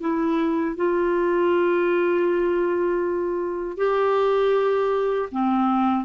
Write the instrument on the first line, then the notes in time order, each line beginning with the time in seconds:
clarinet
0.00 E4
0.76 F4
3.77 G4
5.31 C4